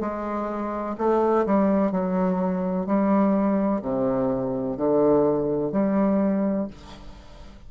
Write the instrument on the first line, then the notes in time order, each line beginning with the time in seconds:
bassoon
0.00 G#3
0.97 A3
1.45 G3
1.91 F#3
2.86 G3
3.81 C3
4.77 D3
5.72 G3